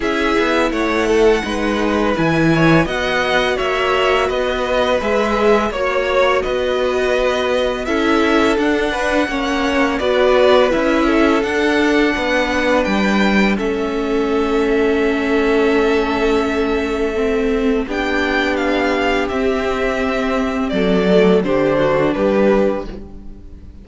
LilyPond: <<
  \new Staff \with { instrumentName = "violin" } { \time 4/4 \tempo 4 = 84 e''4 fis''2 gis''4 | fis''4 e''4 dis''4 e''4 | cis''4 dis''2 e''4 | fis''2 d''4 e''4 |
fis''2 g''4 e''4~ | e''1~ | e''4 g''4 f''4 e''4~ | e''4 d''4 c''4 b'4 | }
  \new Staff \with { instrumentName = "violin" } { \time 4/4 gis'4 cis''8 a'8 b'4. cis''8 | dis''4 cis''4 b'2 | cis''4 b'2 a'4~ | a'8 b'8 cis''4 b'4. a'8~ |
a'4 b'2 a'4~ | a'1~ | a'4 g'2.~ | g'4 a'4 g'8 fis'8 g'4 | }
  \new Staff \with { instrumentName = "viola" } { \time 4/4 e'2 dis'4 e'4 | fis'2. gis'4 | fis'2. e'4 | d'4 cis'4 fis'4 e'4 |
d'2. cis'4~ | cis'1 | c'4 d'2 c'4~ | c'4. a8 d'2 | }
  \new Staff \with { instrumentName = "cello" } { \time 4/4 cis'8 b8 a4 gis4 e4 | b4 ais4 b4 gis4 | ais4 b2 cis'4 | d'4 ais4 b4 cis'4 |
d'4 b4 g4 a4~ | a1~ | a4 b2 c'4~ | c'4 fis4 d4 g4 | }
>>